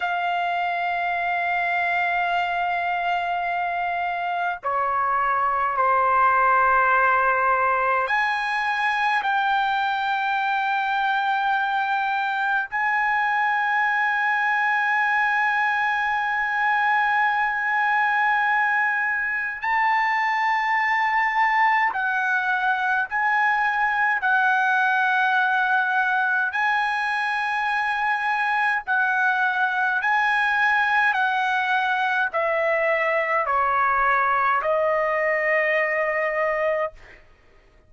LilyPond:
\new Staff \with { instrumentName = "trumpet" } { \time 4/4 \tempo 4 = 52 f''1 | cis''4 c''2 gis''4 | g''2. gis''4~ | gis''1~ |
gis''4 a''2 fis''4 | gis''4 fis''2 gis''4~ | gis''4 fis''4 gis''4 fis''4 | e''4 cis''4 dis''2 | }